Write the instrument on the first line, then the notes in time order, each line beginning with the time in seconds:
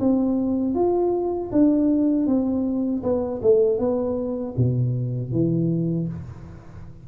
tuba
0.00 C4
0.75 F4
1.52 D4
2.27 C4
3.03 B3
3.42 A3
3.79 B3
4.57 B2
5.32 E3